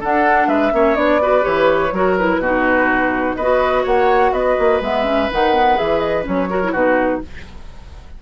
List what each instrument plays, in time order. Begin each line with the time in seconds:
0.00 clarinet D4, bassoon D4, oboe A4, flute F#5
0.48 bassoon G#3, oboe B4, flute E5
0.72 bassoon A#3, clarinet C#4, oboe C#5
0.96 bassoon B3, clarinet D4, flute D5
1.22 clarinet F#4, oboe B4
1.42 bassoon E3, clarinet G4, flute C#5
1.92 bassoon F#3, clarinet F#4, oboe A#4
2.18 clarinet E4, flute B4
2.39 bassoon B2, clarinet D#4, oboe F#4
3.37 bassoon B3, clarinet F#4, oboe B4, flute D#5
3.83 bassoon A#3, oboe C#5, flute F#5
4.32 bassoon B3, oboe B4, flute D#5
4.59 bassoon A#3
4.81 bassoon G#3, clarinet B3, flute E5
5.04 clarinet C#4
5.31 bassoon D#3, clarinet D#4, flute F#5
5.53 clarinet B3
5.76 bassoon E3, clarinet G#4, flute E5
6.00 flute D#5
6.23 bassoon F#3, clarinet C#4, flute C#5
6.50 clarinet F#4, oboe A#4
6.64 clarinet E4
6.72 bassoon B2, clarinet D#4, oboe F#4, flute B4